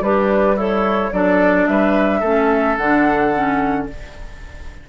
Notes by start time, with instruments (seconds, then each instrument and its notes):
0.00 bassoon G3, oboe D4, clarinet G4, flute B4
0.55 oboe E4, clarinet A4, flute C#5
1.12 bassoon F#3, clarinet D4, oboe A4, flute D5
1.67 bassoon G3, oboe B4, flute E5
2.20 bassoon A3, clarinet C#4, oboe A4
2.76 bassoon D3, clarinet D4, flute F#5
3.34 clarinet C#4